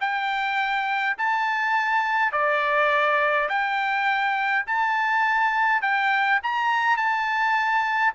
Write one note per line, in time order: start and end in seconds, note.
0.00 1.17 G5
1.18 2.32 A5
2.32 3.48 D5
3.49 4.65 G5
4.67 5.81 A5
5.81 6.40 G5
6.43 6.97 A#5
6.97 8.13 A5